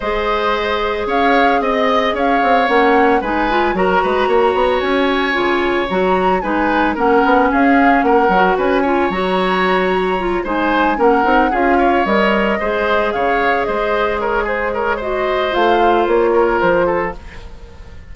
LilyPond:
<<
  \new Staff \with { instrumentName = "flute" } { \time 4/4 \tempo 4 = 112 dis''2 f''4 dis''4 | f''4 fis''4 gis''4 ais''4~ | ais''4 gis''2 ais''4 | gis''4 fis''4 f''4 fis''4 |
gis''4 ais''2~ ais''8 gis''8~ | gis''8 fis''4 f''4 dis''4.~ | dis''8 f''4 dis''4 cis''8 c''8 cis''8 | dis''4 f''4 cis''4 c''4 | }
  \new Staff \with { instrumentName = "oboe" } { \time 4/4 c''2 cis''4 dis''4 | cis''2 b'4 ais'8 b'8 | cis''1 | b'4 ais'4 gis'4 ais'4 |
b'8 cis''2. c''8~ | c''8 ais'4 gis'8 cis''4. c''8~ | c''8 cis''4 c''4 ais'8 gis'8 ais'8 | c''2~ c''8 ais'4 a'8 | }
  \new Staff \with { instrumentName = "clarinet" } { \time 4/4 gis'1~ | gis'4 cis'4 dis'8 f'8 fis'4~ | fis'2 f'4 fis'4 | dis'4 cis'2~ cis'8 fis'8~ |
fis'8 f'8 fis'2 f'8 dis'8~ | dis'8 cis'8 dis'8 f'4 ais'4 gis'8~ | gis'1 | fis'4 f'2. | }
  \new Staff \with { instrumentName = "bassoon" } { \time 4/4 gis2 cis'4 c'4 | cis'8 c'8 ais4 gis4 fis8 gis8 | ais8 b8 cis'4 cis4 fis4 | gis4 ais8 b8 cis'4 ais8 fis8 |
cis'4 fis2~ fis8 gis8~ | gis8 ais8 c'8 cis'4 g4 gis8~ | gis8 cis4 gis2~ gis8~ | gis4 a4 ais4 f4 | }
>>